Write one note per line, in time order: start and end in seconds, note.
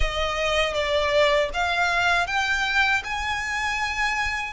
0.00 0.74 D#5
0.74 1.49 D5
1.53 2.26 F5
2.26 3.02 G5
3.03 4.53 G#5